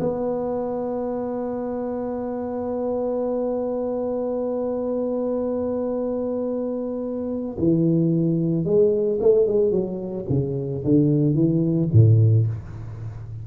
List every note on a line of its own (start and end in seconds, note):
0.00 7.57 B3
7.58 8.65 E3
8.65 9.19 G#3
9.20 9.47 A3
9.47 9.71 G#3
9.71 10.25 F#3
10.29 10.84 C#3
10.85 11.35 D3
11.35 11.89 E3
11.93 12.47 A2